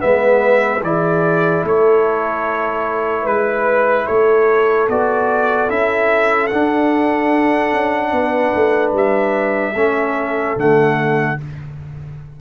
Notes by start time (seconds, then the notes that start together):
0.00 G#3 B3 B4 E5
0.82 E3 E4 G#4 D5
1.65 A3 A4 C#5
3.22 G#3 B4
4.06 A3 A4 C#5
4.88 B3 F#4 D5
5.69 C#4 E4 E5
6.47 D4 F#5
7.73 C#4
8.12 B3 B4
8.55 A3
8.93 G3 E5
9.74 A3 C#4 A4
10.57 D3 A3 F#5